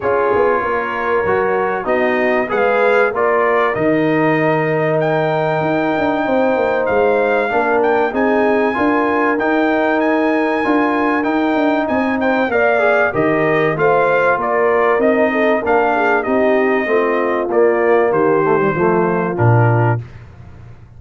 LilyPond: <<
  \new Staff \with { instrumentName = "trumpet" } { \time 4/4 \tempo 4 = 96 cis''2. dis''4 | f''4 d''4 dis''2 | g''2. f''4~ | f''8 g''8 gis''2 g''4 |
gis''2 g''4 gis''8 g''8 | f''4 dis''4 f''4 d''4 | dis''4 f''4 dis''2 | d''4 c''2 ais'4 | }
  \new Staff \with { instrumentName = "horn" } { \time 4/4 gis'4 ais'2 fis'4 | b'4 ais'2.~ | ais'2 c''2 | ais'4 gis'4 ais'2~ |
ais'2. dis''8 c''8 | d''4 ais'4 c''4 ais'4~ | ais'8 a'8 ais'8 gis'8 g'4 f'4~ | f'4 g'4 f'2 | }
  \new Staff \with { instrumentName = "trombone" } { \time 4/4 f'2 fis'4 dis'4 | gis'4 f'4 dis'2~ | dis'1 | d'4 dis'4 f'4 dis'4~ |
dis'4 f'4 dis'2 | ais'8 gis'8 g'4 f'2 | dis'4 d'4 dis'4 c'4 | ais4. a16 g16 a4 d'4 | }
  \new Staff \with { instrumentName = "tuba" } { \time 4/4 cis'8 b8 ais4 fis4 b4 | gis4 ais4 dis2~ | dis4 dis'8 d'8 c'8 ais8 gis4 | ais4 c'4 d'4 dis'4~ |
dis'4 d'4 dis'8 d'8 c'4 | ais4 dis4 a4 ais4 | c'4 ais4 c'4 a4 | ais4 dis4 f4 ais,4 | }
>>